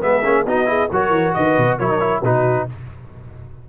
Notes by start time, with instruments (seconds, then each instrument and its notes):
0.00 tuba G#3, trombone B3, horn G#4, trumpet E5
0.24 tuba A#3, trombone C#4
0.45 tuba B3, trombone D#4, horn F#4, trumpet D#5
0.65 trombone E4, horn G#4
0.91 tuba F#3, trombone F#4, horn A#4, trumpet C#5
1.09 tuba E3
1.34 tuba D#3, horn B4, trumpet D#5
1.57 tuba B2
1.77 tuba F#3, trombone E4, horn A#4, trumpet C#5
1.90 trombone D#4
2.00 trombone E4
2.22 tuba B2, trombone D#4, horn F#4, trumpet B4